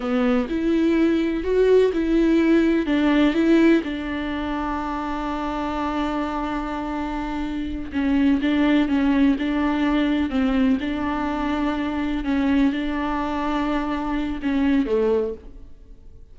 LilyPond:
\new Staff \with { instrumentName = "viola" } { \time 4/4 \tempo 4 = 125 b4 e'2 fis'4 | e'2 d'4 e'4 | d'1~ | d'1~ |
d'8 cis'4 d'4 cis'4 d'8~ | d'4. c'4 d'4.~ | d'4. cis'4 d'4.~ | d'2 cis'4 a4 | }